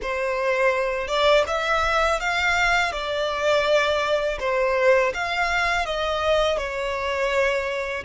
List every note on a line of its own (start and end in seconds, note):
0.02 1.07 C5
1.07 1.44 D5
1.47 2.20 E5
2.20 2.91 F5
2.91 4.38 D5
4.39 5.12 C5
5.14 5.85 F5
5.85 6.57 D#5
6.57 8.04 C#5